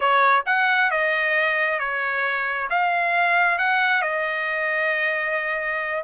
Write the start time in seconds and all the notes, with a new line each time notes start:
0.00 C#5
0.46 F#5
0.90 D#5
1.79 C#5
2.70 F5
3.58 F#5
4.02 D#5